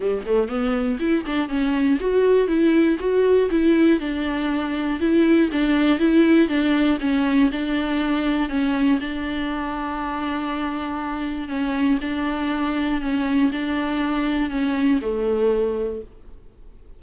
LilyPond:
\new Staff \with { instrumentName = "viola" } { \time 4/4 \tempo 4 = 120 g8 a8 b4 e'8 d'8 cis'4 | fis'4 e'4 fis'4 e'4 | d'2 e'4 d'4 | e'4 d'4 cis'4 d'4~ |
d'4 cis'4 d'2~ | d'2. cis'4 | d'2 cis'4 d'4~ | d'4 cis'4 a2 | }